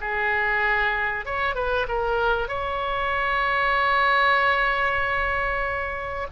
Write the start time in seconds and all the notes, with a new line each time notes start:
0.00 G#4
1.25 C#5
1.55 B4
1.88 A#4
2.48 C#5